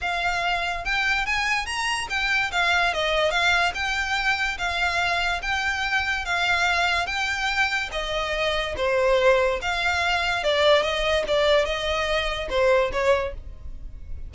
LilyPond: \new Staff \with { instrumentName = "violin" } { \time 4/4 \tempo 4 = 144 f''2 g''4 gis''4 | ais''4 g''4 f''4 dis''4 | f''4 g''2 f''4~ | f''4 g''2 f''4~ |
f''4 g''2 dis''4~ | dis''4 c''2 f''4~ | f''4 d''4 dis''4 d''4 | dis''2 c''4 cis''4 | }